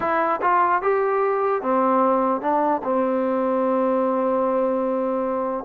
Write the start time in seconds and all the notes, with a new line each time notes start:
0.00 E4
0.41 F4
0.82 G4
1.61 C4
2.41 D4
2.83 C4